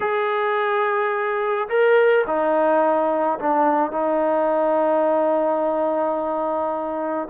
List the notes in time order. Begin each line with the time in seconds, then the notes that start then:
0.00 G#4
1.68 A#4
2.26 D#4
3.39 D4
3.91 D#4